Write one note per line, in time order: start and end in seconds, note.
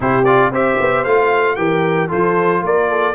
0.00 0.51 C3
0.00 0.23 E4
0.00 0.50 G4
0.00 0.24 C5
0.24 0.52 F4
0.24 0.50 D5
0.50 0.77 C4
0.50 1.06 G4
0.50 1.55 C5
0.50 1.04 E5
0.80 1.05 B3
1.04 1.57 A3
1.04 1.56 F4
1.04 1.55 F5
1.55 2.10 E3
1.55 2.08 G4
1.55 2.08 A#4
1.55 2.08 G5
2.08 2.62 F3
2.08 3.13 F4
2.08 2.61 A4
2.08 2.64 C5
2.62 3.15 A#3
2.62 2.90 A#4
2.62 3.15 D5
2.90 3.15 A4